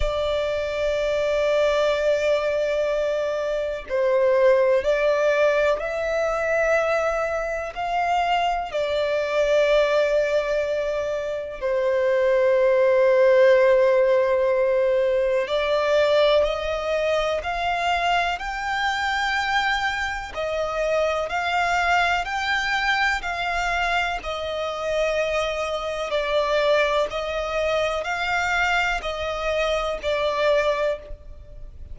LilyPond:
\new Staff \with { instrumentName = "violin" } { \time 4/4 \tempo 4 = 62 d''1 | c''4 d''4 e''2 | f''4 d''2. | c''1 |
d''4 dis''4 f''4 g''4~ | g''4 dis''4 f''4 g''4 | f''4 dis''2 d''4 | dis''4 f''4 dis''4 d''4 | }